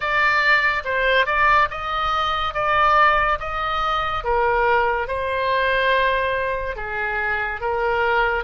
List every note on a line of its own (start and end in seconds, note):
0.00 0.83 D5
0.84 1.26 C5
1.26 1.68 D5
1.70 2.54 D#5
2.54 3.38 D5
3.39 4.24 D#5
4.24 5.07 A#4
5.07 6.76 C5
6.76 7.60 G#4
7.61 8.44 A#4